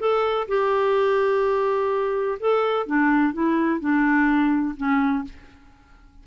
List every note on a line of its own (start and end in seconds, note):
0.00 0.48 A4
0.48 2.39 G4
2.40 2.86 A4
2.86 3.33 D4
3.33 3.80 E4
3.80 4.75 D4
4.77 5.24 C#4